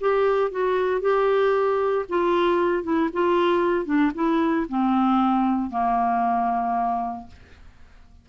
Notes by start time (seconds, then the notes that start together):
0.00 G4
0.51 F#4
1.01 G4
2.09 F4
2.83 E4
3.13 F4
3.85 D4
4.14 E4
4.69 C4
5.70 A#3